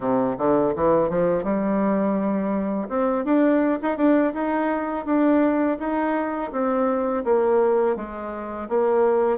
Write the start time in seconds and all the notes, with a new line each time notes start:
0.00 C3
0.37 D3
0.75 E3
1.09 F3
1.43 G3
2.88 C4
3.24 D4
3.82 D#4
3.97 D4
4.33 D#4
5.05 D4
5.79 D#4
6.52 C4
7.24 A#3
7.96 G#3
8.68 A#3